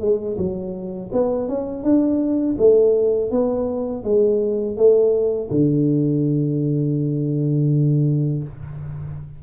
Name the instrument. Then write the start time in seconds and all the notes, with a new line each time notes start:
tuba
0.00 G#3
0.38 F#3
1.12 B3
1.48 C#4
1.83 D4
2.58 A3
3.31 B3
4.03 G#3
4.77 A3
5.50 D3